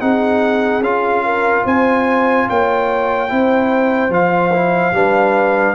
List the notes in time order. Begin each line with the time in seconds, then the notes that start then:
0.00 C4 D#4 G#4 F#5
0.79 C#4 F4 F5
1.25 A#4
1.64 C4 C5 G#5
2.48 A#3 C#5 G5
3.28 C4 E4 C5
4.09 F3 F4 F5
4.52 E4
4.92 G3 D4 B4